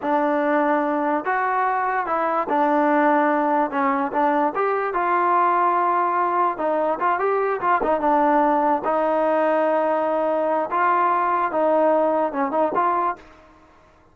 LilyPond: \new Staff \with { instrumentName = "trombone" } { \time 4/4 \tempo 4 = 146 d'2. fis'4~ | fis'4 e'4 d'2~ | d'4 cis'4 d'4 g'4 | f'1 |
dis'4 f'8 g'4 f'8 dis'8 d'8~ | d'4. dis'2~ dis'8~ | dis'2 f'2 | dis'2 cis'8 dis'8 f'4 | }